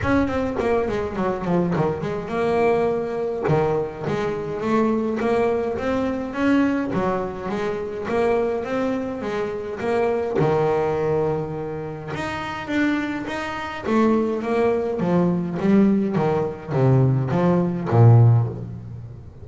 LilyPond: \new Staff \with { instrumentName = "double bass" } { \time 4/4 \tempo 4 = 104 cis'8 c'8 ais8 gis8 fis8 f8 dis8 gis8 | ais2 dis4 gis4 | a4 ais4 c'4 cis'4 | fis4 gis4 ais4 c'4 |
gis4 ais4 dis2~ | dis4 dis'4 d'4 dis'4 | a4 ais4 f4 g4 | dis4 c4 f4 ais,4 | }